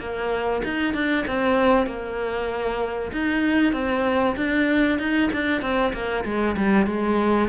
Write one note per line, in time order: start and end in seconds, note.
0.00 0.62 A#3
0.64 0.94 D#4
0.94 1.25 D4
1.27 1.87 C4
1.87 3.12 A#3
3.12 3.73 D#4
3.73 4.36 C4
4.36 4.99 D4
4.99 5.30 D#4
5.33 5.62 D4
5.62 5.93 C4
5.93 6.25 A#3
6.25 6.56 G#3
6.57 6.87 G3
6.87 7.49 G#3